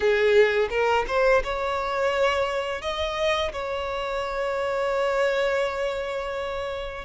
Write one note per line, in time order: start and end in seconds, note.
0.00 0.69 G#4
0.70 1.05 A#4
1.07 1.42 C5
1.43 2.81 C#5
2.81 3.52 D#5
3.52 7.04 C#5